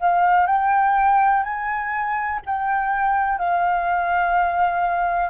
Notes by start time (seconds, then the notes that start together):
0.00 F5
0.47 G5
1.43 G#5
2.46 G5
3.39 F5